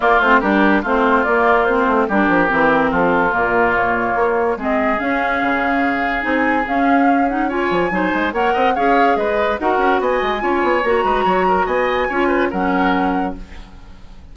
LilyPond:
<<
  \new Staff \with { instrumentName = "flute" } { \time 4/4 \tempo 4 = 144 d''8 c''8 ais'4 c''4 d''4 | c''4 ais'2 a'4 | ais'4 cis''2 dis''4 | f''2. gis''4 |
f''4. fis''8 gis''2 | fis''4 f''4 dis''4 fis''4 | gis''2 ais''2 | gis''2 fis''2 | }
  \new Staff \with { instrumentName = "oboe" } { \time 4/4 f'4 g'4 f'2~ | f'4 g'2 f'4~ | f'2. gis'4~ | gis'1~ |
gis'2 cis''4 c''4 | cis''8 dis''8 cis''4 b'4 ais'4 | dis''4 cis''4. b'8 cis''8 ais'8 | dis''4 cis''8 b'8 ais'2 | }
  \new Staff \with { instrumentName = "clarinet" } { \time 4/4 ais8 c'8 d'4 c'4 ais4 | c'4 d'4 c'2 | ais2. c'4 | cis'2. dis'4 |
cis'4. dis'8 f'4 dis'4 | ais'4 gis'2 fis'4~ | fis'4 f'4 fis'2~ | fis'4 f'4 cis'2 | }
  \new Staff \with { instrumentName = "bassoon" } { \time 4/4 ais8 a8 g4 a4 ais4~ | ais8 a8 g8 f8 e4 f4 | ais,2 ais4 gis4 | cis'4 cis2 c'4 |
cis'2~ cis'8 f8 fis8 gis8 | ais8 c'8 cis'4 gis4 dis'8 cis'8 | b8 gis8 cis'8 b8 ais8 gis8 fis4 | b4 cis'4 fis2 | }
>>